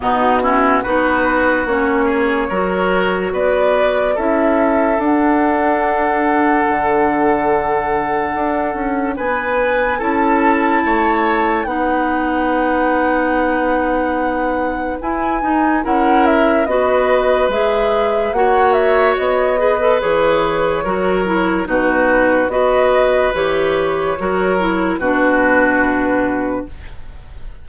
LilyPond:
<<
  \new Staff \with { instrumentName = "flute" } { \time 4/4 \tempo 4 = 72 fis'4 b'4 cis''2 | d''4 e''4 fis''2~ | fis''2. gis''4 | a''2 fis''2~ |
fis''2 gis''4 fis''8 e''8 | dis''4 e''4 fis''8 e''8 dis''4 | cis''2 b'4 dis''4 | cis''2 b'2 | }
  \new Staff \with { instrumentName = "oboe" } { \time 4/4 dis'8 e'8 fis'4. gis'8 ais'4 | b'4 a'2.~ | a'2. b'4 | a'4 cis''4 b'2~ |
b'2. ais'4 | b'2 cis''4. b'8~ | b'4 ais'4 fis'4 b'4~ | b'4 ais'4 fis'2 | }
  \new Staff \with { instrumentName = "clarinet" } { \time 4/4 b8 cis'8 dis'4 cis'4 fis'4~ | fis'4 e'4 d'2~ | d'1 | e'2 dis'2~ |
dis'2 e'8 dis'8 e'4 | fis'4 gis'4 fis'4. gis'16 a'16 | gis'4 fis'8 e'8 dis'4 fis'4 | g'4 fis'8 e'8 d'2 | }
  \new Staff \with { instrumentName = "bassoon" } { \time 4/4 b,4 b4 ais4 fis4 | b4 cis'4 d'2 | d2 d'8 cis'8 b4 | cis'4 a4 b2~ |
b2 e'8 dis'8 cis'4 | b4 gis4 ais4 b4 | e4 fis4 b,4 b4 | e4 fis4 b,2 | }
>>